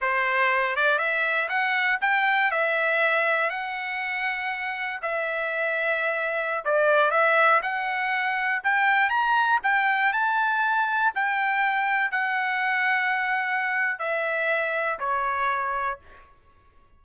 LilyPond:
\new Staff \with { instrumentName = "trumpet" } { \time 4/4 \tempo 4 = 120 c''4. d''8 e''4 fis''4 | g''4 e''2 fis''4~ | fis''2 e''2~ | e''4~ e''16 d''4 e''4 fis''8.~ |
fis''4~ fis''16 g''4 ais''4 g''8.~ | g''16 a''2 g''4.~ g''16~ | g''16 fis''2.~ fis''8. | e''2 cis''2 | }